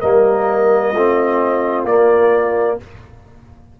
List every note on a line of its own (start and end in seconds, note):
0.00 0.93 G3
0.00 0.94 A#3
0.00 0.92 A#4
0.00 1.85 D#5
0.92 1.85 A3
0.92 1.88 C4
0.92 2.77 F4
1.85 2.77 A#3
1.85 2.80 A#3
1.85 2.78 D5